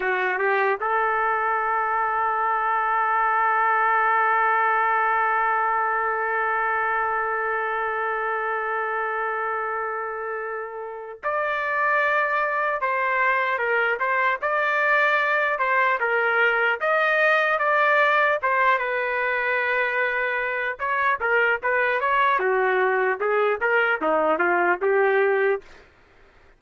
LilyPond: \new Staff \with { instrumentName = "trumpet" } { \time 4/4 \tempo 4 = 75 fis'8 g'8 a'2.~ | a'1~ | a'1~ | a'2 d''2 |
c''4 ais'8 c''8 d''4. c''8 | ais'4 dis''4 d''4 c''8 b'8~ | b'2 cis''8 ais'8 b'8 cis''8 | fis'4 gis'8 ais'8 dis'8 f'8 g'4 | }